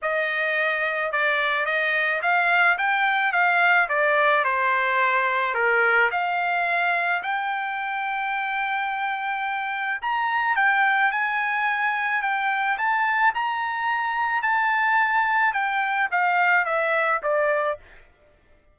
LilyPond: \new Staff \with { instrumentName = "trumpet" } { \time 4/4 \tempo 4 = 108 dis''2 d''4 dis''4 | f''4 g''4 f''4 d''4 | c''2 ais'4 f''4~ | f''4 g''2.~ |
g''2 ais''4 g''4 | gis''2 g''4 a''4 | ais''2 a''2 | g''4 f''4 e''4 d''4 | }